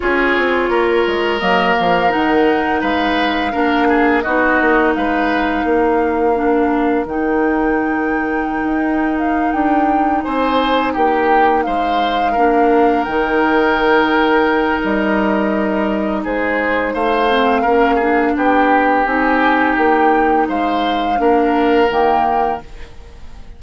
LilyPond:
<<
  \new Staff \with { instrumentName = "flute" } { \time 4/4 \tempo 4 = 85 cis''2 dis''8 f''8 fis''4 | f''2 dis''4 f''4~ | f''2 g''2~ | g''4 f''8 g''4 gis''4 g''8~ |
g''8 f''2 g''4.~ | g''4 dis''2 c''4 | f''2 g''4 gis''4 | g''4 f''2 g''4 | }
  \new Staff \with { instrumentName = "oboe" } { \time 4/4 gis'4 ais'2. | b'4 ais'8 gis'8 fis'4 b'4 | ais'1~ | ais'2~ ais'8 c''4 g'8~ |
g'8 c''4 ais'2~ ais'8~ | ais'2. gis'4 | c''4 ais'8 gis'8 g'2~ | g'4 c''4 ais'2 | }
  \new Staff \with { instrumentName = "clarinet" } { \time 4/4 f'2 ais4 dis'4~ | dis'4 d'4 dis'2~ | dis'4 d'4 dis'2~ | dis'1~ |
dis'4. d'4 dis'4.~ | dis'1~ | dis'8 c'8 cis'8 d'4. dis'4~ | dis'2 d'4 ais4 | }
  \new Staff \with { instrumentName = "bassoon" } { \time 4/4 cis'8 c'8 ais8 gis8 fis8 f8 dis4 | gis4 ais4 b8 ais8 gis4 | ais2 dis2~ | dis16 dis'4~ dis'16 d'4 c'4 ais8~ |
ais8 gis4 ais4 dis4.~ | dis4 g2 gis4 | a4 ais4 b4 c'4 | ais4 gis4 ais4 dis4 | }
>>